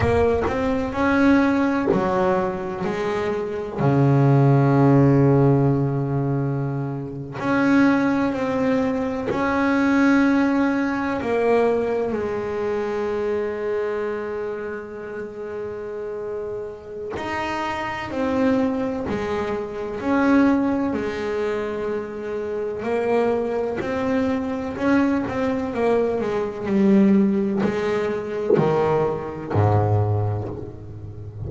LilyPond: \new Staff \with { instrumentName = "double bass" } { \time 4/4 \tempo 4 = 63 ais8 c'8 cis'4 fis4 gis4 | cis2.~ cis8. cis'16~ | cis'8. c'4 cis'2 ais16~ | ais8. gis2.~ gis16~ |
gis2 dis'4 c'4 | gis4 cis'4 gis2 | ais4 c'4 cis'8 c'8 ais8 gis8 | g4 gis4 dis4 gis,4 | }